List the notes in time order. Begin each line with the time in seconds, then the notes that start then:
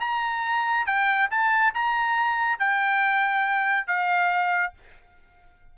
0.00 A#5
0.86 G5
1.30 A5
1.74 A#5
2.59 G5
3.87 F5